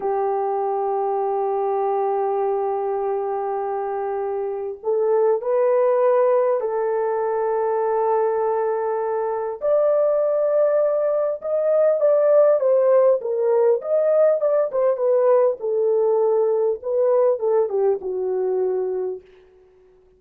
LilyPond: \new Staff \with { instrumentName = "horn" } { \time 4/4 \tempo 4 = 100 g'1~ | g'1 | a'4 b'2 a'4~ | a'1 |
d''2. dis''4 | d''4 c''4 ais'4 dis''4 | d''8 c''8 b'4 a'2 | b'4 a'8 g'8 fis'2 | }